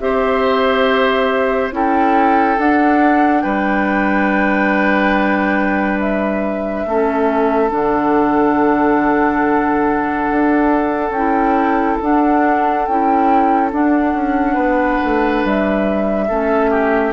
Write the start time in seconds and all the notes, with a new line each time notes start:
0.00 C4 G4 C5 E5
1.72 C#4 E4 A4 G5
2.58 D4 F#5
3.42 G3 B4 G5
6.00 E5
6.86 A3 C#4 A4
7.70 D3 D4 F#5
10.31 D4
11.10 C#4 G5
11.17 E4
12.02 D4 F#5
12.85 C#4 E4 G5
13.71 D4 F#5
14.14 C#4
14.54 B3 B4
15.04 A3
15.44 G3 E5
16.29 A3 C#4 A4
16.71 G4